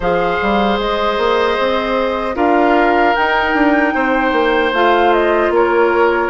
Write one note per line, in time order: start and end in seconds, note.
0.00 0.38 F3
0.00 2.35 G#4
0.00 2.35 C5
0.00 0.80 F5
0.41 0.79 G3
0.79 1.17 G#3
0.79 2.36 D#5
1.17 1.57 A#3
1.58 2.35 C4
2.35 3.14 D4
2.35 3.13 F4
2.35 3.93 A#4
2.35 3.15 F5
3.15 4.74 D#4
3.15 3.54 D#4
3.15 4.73 G5
3.54 3.94 D4
3.94 4.32 C4
3.94 5.52 C5
4.32 4.71 A#3
4.73 5.49 A3
4.73 6.30 F4
4.73 5.13 F5
5.13 5.52 D#5
5.49 6.28 A#3
5.49 6.30 A#4
5.49 6.30 C#5